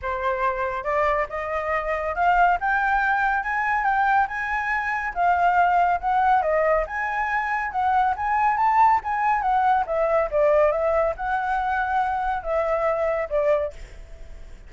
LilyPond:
\new Staff \with { instrumentName = "flute" } { \time 4/4 \tempo 4 = 140 c''2 d''4 dis''4~ | dis''4 f''4 g''2 | gis''4 g''4 gis''2 | f''2 fis''4 dis''4 |
gis''2 fis''4 gis''4 | a''4 gis''4 fis''4 e''4 | d''4 e''4 fis''2~ | fis''4 e''2 d''4 | }